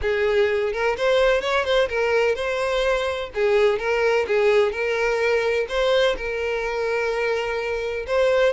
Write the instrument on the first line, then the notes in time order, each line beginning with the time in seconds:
violin
0.01 G#4
0.73 A#4
0.97 C5
1.41 C#5
1.64 C5
1.89 A#4
2.35 C5
3.34 G#4
3.78 A#4
4.27 G#4
4.71 A#4
5.68 C5
6.17 A#4
8.07 C5